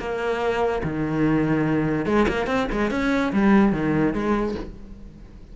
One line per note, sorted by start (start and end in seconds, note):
0.00 0.83 A#3
0.84 2.06 D#3
2.06 2.27 G#3
2.29 2.47 A#3
2.47 2.68 C4
2.72 2.91 G#3
2.91 3.33 C#4
3.33 3.73 G3
3.73 4.14 D#3
4.14 4.55 G#3